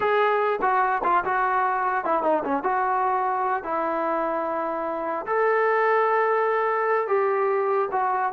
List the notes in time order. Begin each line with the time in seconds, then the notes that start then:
0.00 G#4
0.61 F#4
1.03 F4
1.24 F#4
2.05 E4
2.23 D#4
2.44 C#4
2.63 F#4
3.63 E4
5.26 A4
7.07 G4
7.91 F#4